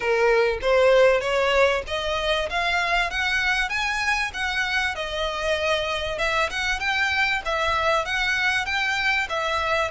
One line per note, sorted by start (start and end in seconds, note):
0.00 0.58 A#4
0.61 1.20 C5
1.20 1.82 C#5
1.87 2.49 D#5
2.49 3.10 F5
3.10 3.69 F#5
3.69 4.31 G#5
4.33 4.95 F#5
4.95 6.18 D#5
6.18 6.49 E5
6.50 6.79 F#5
6.79 7.41 G5
7.45 8.05 E5
8.05 8.65 F#5
8.65 9.27 G5
9.29 9.91 E5